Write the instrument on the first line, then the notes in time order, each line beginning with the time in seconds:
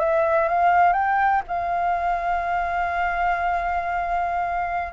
flute
0.00 E5
0.49 F5
0.93 G5
1.48 F5